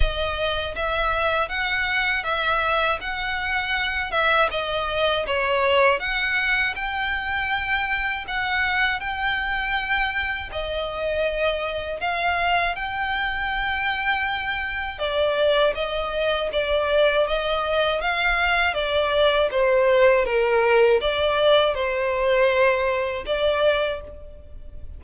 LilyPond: \new Staff \with { instrumentName = "violin" } { \time 4/4 \tempo 4 = 80 dis''4 e''4 fis''4 e''4 | fis''4. e''8 dis''4 cis''4 | fis''4 g''2 fis''4 | g''2 dis''2 |
f''4 g''2. | d''4 dis''4 d''4 dis''4 | f''4 d''4 c''4 ais'4 | d''4 c''2 d''4 | }